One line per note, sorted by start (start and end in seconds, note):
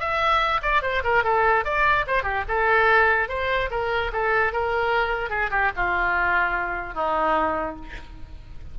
0.00 0.61 E5
0.63 0.83 D5
0.83 1.03 C5
1.04 1.24 A#4
1.24 1.65 A4
1.65 2.06 D5
2.07 2.24 C5
2.24 2.44 G4
2.48 3.29 A4
3.29 3.70 C5
3.71 4.12 A#4
4.13 4.53 A4
4.53 5.30 A#4
5.30 5.50 G#4
5.51 5.71 G4
5.76 6.95 F4
6.95 7.76 D#4